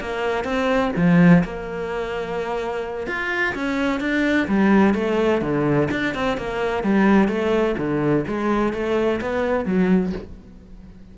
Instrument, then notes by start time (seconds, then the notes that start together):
cello
0.00 A#3
0.44 C4
0.96 F3
1.43 A#3
3.07 F4
3.55 C#4
4.00 D4
4.48 G3
4.94 A3
5.41 D3
5.91 D4
6.14 C4
6.37 A#3
6.83 G3
7.28 A3
7.78 D3
8.27 G#3
8.73 A3
9.21 B3
9.65 F#3